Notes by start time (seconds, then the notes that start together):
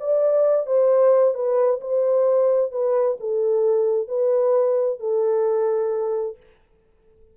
0.00 D5
0.67 C5
1.34 B4
1.81 C5
2.72 B4
3.20 A4
4.08 B4
5.00 A4